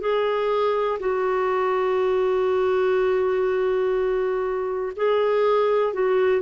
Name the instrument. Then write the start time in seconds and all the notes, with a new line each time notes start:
clarinet
0.00 G#4
0.99 F#4
4.96 G#4
5.93 F#4